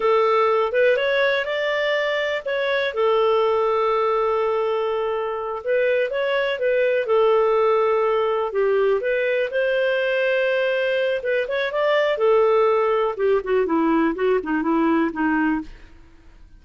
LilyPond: \new Staff \with { instrumentName = "clarinet" } { \time 4/4 \tempo 4 = 123 a'4. b'8 cis''4 d''4~ | d''4 cis''4 a'2~ | a'2.~ a'8 b'8~ | b'8 cis''4 b'4 a'4.~ |
a'4. g'4 b'4 c''8~ | c''2. b'8 cis''8 | d''4 a'2 g'8 fis'8 | e'4 fis'8 dis'8 e'4 dis'4 | }